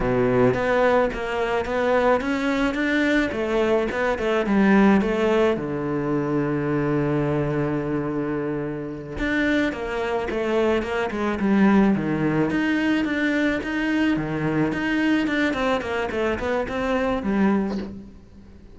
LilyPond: \new Staff \with { instrumentName = "cello" } { \time 4/4 \tempo 4 = 108 b,4 b4 ais4 b4 | cis'4 d'4 a4 b8 a8 | g4 a4 d2~ | d1~ |
d8 d'4 ais4 a4 ais8 | gis8 g4 dis4 dis'4 d'8~ | d'8 dis'4 dis4 dis'4 d'8 | c'8 ais8 a8 b8 c'4 g4 | }